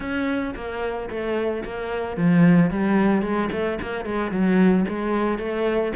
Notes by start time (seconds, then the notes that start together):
0.00 C#4
0.55 A#3
1.09 A3
1.64 A#3
2.16 F3
2.70 G3
3.22 G#3
3.51 A3
3.81 A#3
4.05 G#3
4.31 F#3
4.88 G#3
5.38 A3